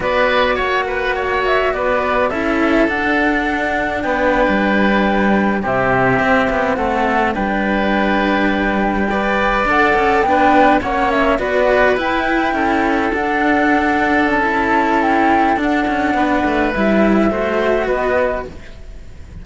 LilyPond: <<
  \new Staff \with { instrumentName = "flute" } { \time 4/4 \tempo 4 = 104 d''4 fis''4. e''8 d''4 | e''4 fis''2 g''4~ | g''4.~ g''16 e''2 fis''16~ | fis''8. g''2.~ g''16~ |
g''8. fis''4 g''4 fis''8 e''8 d''16~ | d''8. g''2 fis''4~ fis''16~ | fis''8. a''4~ a''16 g''4 fis''4~ | fis''4 e''2 dis''4 | }
  \new Staff \with { instrumentName = "oboe" } { \time 4/4 b'4 cis''8 b'8 cis''4 b'4 | a'2. b'4~ | b'4.~ b'16 g'2 a'16~ | a'8. b'2. d''16~ |
d''4.~ d''16 b'4 cis''4 b'16~ | b'4.~ b'16 a'2~ a'16~ | a'1 | b'2 c''4 b'4 | }
  \new Staff \with { instrumentName = "cello" } { \time 4/4 fis'1 | e'4 d'2.~ | d'4.~ d'16 c'2~ c'16~ | c'8. d'2. b'16~ |
b'8. a'4 d'4 cis'4 fis'16~ | fis'8. e'2 d'4~ d'16~ | d'4 e'2 d'4~ | d'4 e'4 fis'2 | }
  \new Staff \with { instrumentName = "cello" } { \time 4/4 b4 ais2 b4 | cis'4 d'2 b8. g16~ | g4.~ g16 c4 c'8 b8 a16~ | a8. g2.~ g16~ |
g8. d'8 cis'8 b4 ais4 b16~ | b8. e'4 cis'4 d'4~ d'16~ | d'8. cis'2~ cis'16 d'8 cis'8 | b8 a8 g4 a4 b4 | }
>>